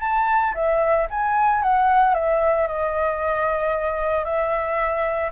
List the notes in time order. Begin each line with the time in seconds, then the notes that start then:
0.00 A5
0.54 E5
1.10 G#5
1.62 F#5
2.14 E5
2.67 D#5
4.24 E5